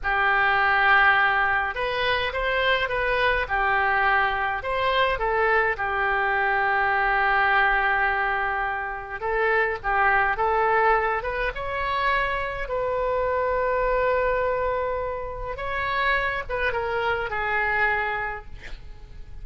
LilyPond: \new Staff \with { instrumentName = "oboe" } { \time 4/4 \tempo 4 = 104 g'2. b'4 | c''4 b'4 g'2 | c''4 a'4 g'2~ | g'1 |
a'4 g'4 a'4. b'8 | cis''2 b'2~ | b'2. cis''4~ | cis''8 b'8 ais'4 gis'2 | }